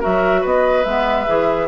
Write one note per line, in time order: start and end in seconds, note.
0.00 0.44 F#3
0.00 0.84 F#4
0.00 0.41 A#4
0.00 0.45 E5
0.41 0.85 B3
0.41 1.67 B4
0.41 0.85 D#5
0.85 1.27 G#3
0.85 1.27 B3
0.85 1.68 E5
1.27 1.68 E3
1.27 1.68 G#4